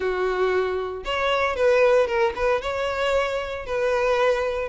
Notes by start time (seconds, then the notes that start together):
0.00 F#4
1.04 C#5
1.56 B4
2.07 A#4
2.35 B4
2.61 C#5
3.65 B4